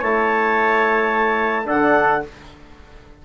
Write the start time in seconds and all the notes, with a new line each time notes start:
0.00 A3 E4 C#5 A5
1.66 D3 D4 A4 F#5